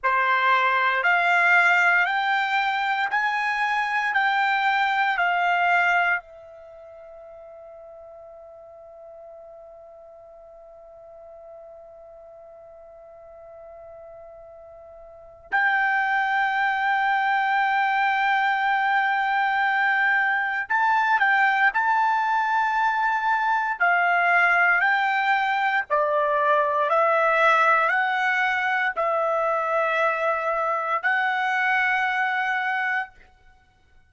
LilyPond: \new Staff \with { instrumentName = "trumpet" } { \time 4/4 \tempo 4 = 58 c''4 f''4 g''4 gis''4 | g''4 f''4 e''2~ | e''1~ | e''2. g''4~ |
g''1 | a''8 g''8 a''2 f''4 | g''4 d''4 e''4 fis''4 | e''2 fis''2 | }